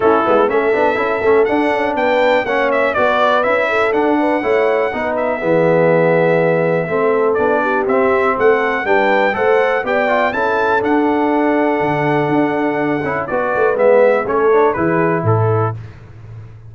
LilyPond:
<<
  \new Staff \with { instrumentName = "trumpet" } { \time 4/4 \tempo 4 = 122 a'4 e''2 fis''4 | g''4 fis''8 e''8 d''4 e''4 | fis''2~ fis''8 e''4.~ | e''2. d''4 |
e''4 fis''4 g''4 fis''4 | g''4 a''4 fis''2~ | fis''2. d''4 | e''4 cis''4 b'4 a'4 | }
  \new Staff \with { instrumentName = "horn" } { \time 4/4 e'4 a'2. | b'4 cis''4 b'4. a'8~ | a'8 b'8 cis''4 b'4 gis'4~ | gis'2 a'4. g'8~ |
g'4 a'4 b'4 c''4 | d''4 a'2.~ | a'2. b'4~ | b'4 a'4 gis'4 a'4 | }
  \new Staff \with { instrumentName = "trombone" } { \time 4/4 cis'8 b8 cis'8 d'8 e'8 cis'8 d'4~ | d'4 cis'4 fis'4 e'4 | d'4 e'4 dis'4 b4~ | b2 c'4 d'4 |
c'2 d'4 a'4 | g'8 f'8 e'4 d'2~ | d'2~ d'8 e'8 fis'4 | b4 cis'8 d'8 e'2 | }
  \new Staff \with { instrumentName = "tuba" } { \time 4/4 a8 gis8 a8 b8 cis'8 a8 d'8 cis'8 | b4 ais4 b4 cis'4 | d'4 a4 b4 e4~ | e2 a4 b4 |
c'4 a4 g4 a4 | b4 cis'4 d'2 | d4 d'4. cis'8 b8 a8 | gis4 a4 e4 a,4 | }
>>